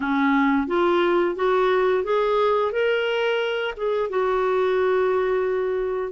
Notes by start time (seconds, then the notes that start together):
0.00 C#4
0.67 F4
1.35 F#4
2.04 G#4
2.72 A#4
3.76 G#4
4.09 F#4